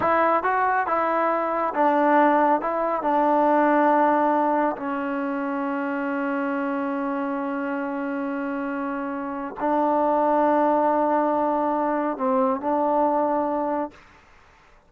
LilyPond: \new Staff \with { instrumentName = "trombone" } { \time 4/4 \tempo 4 = 138 e'4 fis'4 e'2 | d'2 e'4 d'4~ | d'2. cis'4~ | cis'1~ |
cis'1~ | cis'2 d'2~ | d'1 | c'4 d'2. | }